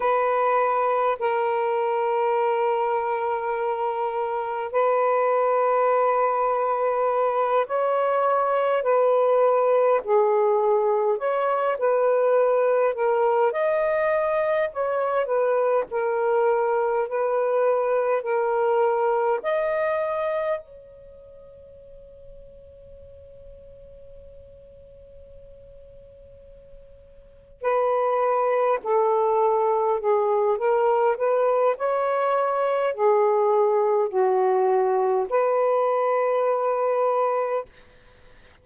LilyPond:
\new Staff \with { instrumentName = "saxophone" } { \time 4/4 \tempo 4 = 51 b'4 ais'2. | b'2~ b'8 cis''4 b'8~ | b'8 gis'4 cis''8 b'4 ais'8 dis''8~ | dis''8 cis''8 b'8 ais'4 b'4 ais'8~ |
ais'8 dis''4 cis''2~ cis''8~ | cis''2.~ cis''8 b'8~ | b'8 a'4 gis'8 ais'8 b'8 cis''4 | gis'4 fis'4 b'2 | }